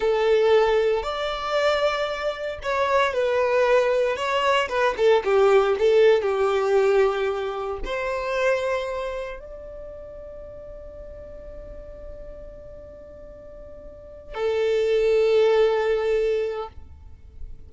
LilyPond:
\new Staff \with { instrumentName = "violin" } { \time 4/4 \tempo 4 = 115 a'2 d''2~ | d''4 cis''4 b'2 | cis''4 b'8 a'8 g'4 a'4 | g'2. c''4~ |
c''2 d''2~ | d''1~ | d''2.~ d''8 a'8~ | a'1 | }